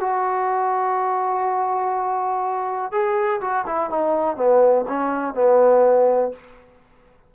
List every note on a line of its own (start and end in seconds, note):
0.00 2.92 F#4
2.92 3.41 G#4
3.41 3.65 F#4
3.67 3.90 E4
3.90 4.37 D#4
4.37 4.85 B3
4.88 5.35 C#4
5.35 6.32 B3